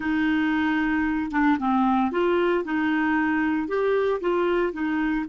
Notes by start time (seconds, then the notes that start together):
0.00 D#4
1.31 D4
1.59 C4
2.11 F4
2.64 D#4
3.67 G4
4.20 F4
4.72 D#4